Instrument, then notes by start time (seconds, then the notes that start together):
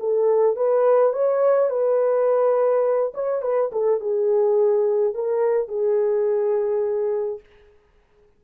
horn
0.00 A4
0.56 B4
1.13 C#5
1.70 B4
3.14 C#5
3.42 B4
3.72 A4
4.00 G#4
5.14 A#4
5.68 G#4